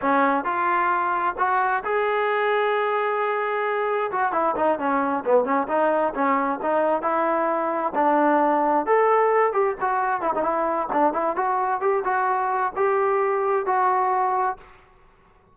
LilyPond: \new Staff \with { instrumentName = "trombone" } { \time 4/4 \tempo 4 = 132 cis'4 f'2 fis'4 | gis'1~ | gis'4 fis'8 e'8 dis'8 cis'4 b8 | cis'8 dis'4 cis'4 dis'4 e'8~ |
e'4. d'2 a'8~ | a'4 g'8 fis'4 e'16 dis'16 e'4 | d'8 e'8 fis'4 g'8 fis'4. | g'2 fis'2 | }